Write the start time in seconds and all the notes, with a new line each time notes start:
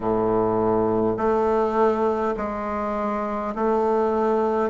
0.00 A2
1.17 A3
2.36 G#3
3.55 A3